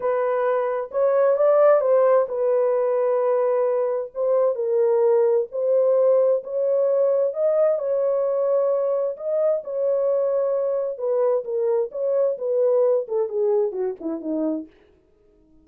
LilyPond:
\new Staff \with { instrumentName = "horn" } { \time 4/4 \tempo 4 = 131 b'2 cis''4 d''4 | c''4 b'2.~ | b'4 c''4 ais'2 | c''2 cis''2 |
dis''4 cis''2. | dis''4 cis''2. | b'4 ais'4 cis''4 b'4~ | b'8 a'8 gis'4 fis'8 e'8 dis'4 | }